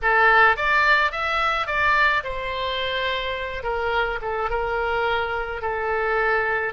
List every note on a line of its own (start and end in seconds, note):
0.02 0.56 A4
0.56 1.11 D5
1.11 1.67 E5
1.67 2.23 D5
2.23 3.63 C5
3.63 4.19 A#4
4.21 4.49 A4
4.49 5.61 A#4
5.61 6.73 A4